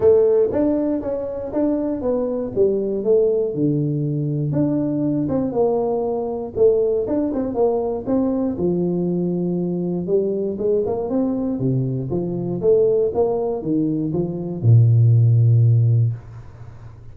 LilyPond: \new Staff \with { instrumentName = "tuba" } { \time 4/4 \tempo 4 = 119 a4 d'4 cis'4 d'4 | b4 g4 a4 d4~ | d4 d'4. c'8 ais4~ | ais4 a4 d'8 c'8 ais4 |
c'4 f2. | g4 gis8 ais8 c'4 c4 | f4 a4 ais4 dis4 | f4 ais,2. | }